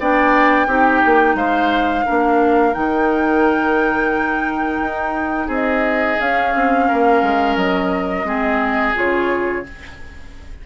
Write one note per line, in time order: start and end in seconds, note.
0.00 0.67 B3
0.00 0.68 D4
0.00 0.67 D5
0.00 1.37 G5
0.67 1.02 C4
0.67 2.06 D#4
0.67 1.36 G4
1.06 1.35 A#3
1.35 2.04 G#3
1.35 2.06 C5
1.35 2.74 F5
2.06 2.76 A#3
2.06 2.74 D4
2.06 5.47 A#4
2.74 4.81 D#3
2.74 6.19 D#4
2.74 5.50 G5
4.81 5.48 D#4
5.47 6.17 C4
5.47 6.85 G#4
5.54 6.20 D#5
6.20 6.55 C#4
6.20 8.25 C#4
6.20 7.57 F5
6.55 6.90 C4
6.89 7.23 A#3
6.89 8.26 A#4
7.23 7.57 G#3
7.57 8.24 F#3
7.57 8.95 D#5
8.24 8.93 G#3
8.24 8.94 C4
8.24 9.66 G#4
8.95 9.67 C#3
8.95 9.64 F4
8.95 9.67 C#5